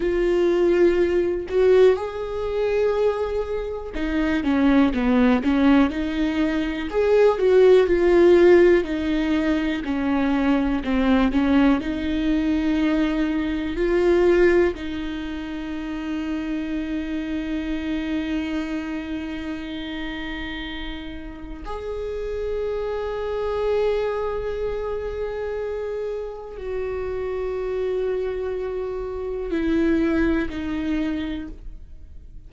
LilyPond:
\new Staff \with { instrumentName = "viola" } { \time 4/4 \tempo 4 = 61 f'4. fis'8 gis'2 | dis'8 cis'8 b8 cis'8 dis'4 gis'8 fis'8 | f'4 dis'4 cis'4 c'8 cis'8 | dis'2 f'4 dis'4~ |
dis'1~ | dis'2 gis'2~ | gis'2. fis'4~ | fis'2 e'4 dis'4 | }